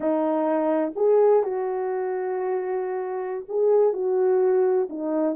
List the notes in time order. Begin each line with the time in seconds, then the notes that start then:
0.00 D#4
0.95 G#4
1.43 F#4
3.48 G#4
3.93 F#4
4.89 D#4